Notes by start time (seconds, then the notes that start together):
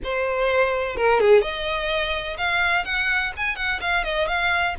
0.03 C5
0.96 A#4
1.20 G#4
1.41 D#5
2.37 F5
2.84 F#5
3.36 G#5
3.56 F#5
3.81 F5
4.03 D#5
4.27 F5